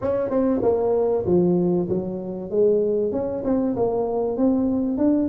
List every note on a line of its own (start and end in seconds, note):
0.01 0.30 C#4
0.30 0.61 C4
0.62 1.25 A#3
1.25 1.88 F3
1.88 2.50 F#3
2.50 3.11 G#3
3.11 3.43 C#4
3.44 3.75 C4
3.76 4.37 A#3
4.37 4.97 C4
4.97 5.28 D4